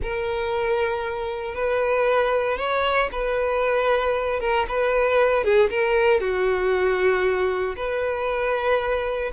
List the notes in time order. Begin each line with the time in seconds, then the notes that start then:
0.02 A#4
1.54 B4
2.57 C#5
3.12 B4
4.40 A#4
4.68 B4
5.43 G#4
5.70 A#4
6.20 F#4
7.76 B4